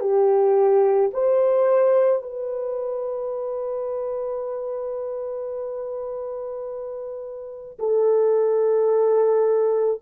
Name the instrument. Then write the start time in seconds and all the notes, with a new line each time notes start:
horn
0.00 G4
1.13 C5
2.22 B4
7.79 A4